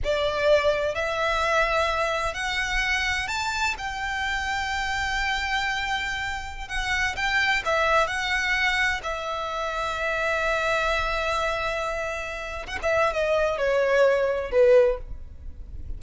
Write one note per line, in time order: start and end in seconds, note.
0.03 0.94 D5
0.94 2.34 E5
2.34 3.27 F#5
3.27 3.74 A5
3.77 6.68 G5
6.68 7.15 F#5
7.15 7.62 G5
7.65 8.07 E5
8.07 9.01 F#5
9.03 12.66 E5
12.66 12.78 F#5
12.82 13.13 E5
13.13 13.57 D#5
13.57 14.51 C#5
14.51 14.98 B4